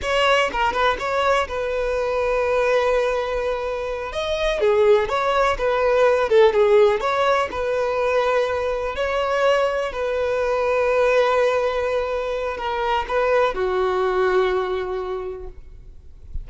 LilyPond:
\new Staff \with { instrumentName = "violin" } { \time 4/4 \tempo 4 = 124 cis''4 ais'8 b'8 cis''4 b'4~ | b'1~ | b'8 dis''4 gis'4 cis''4 b'8~ | b'4 a'8 gis'4 cis''4 b'8~ |
b'2~ b'8 cis''4.~ | cis''8 b'2.~ b'8~ | b'2 ais'4 b'4 | fis'1 | }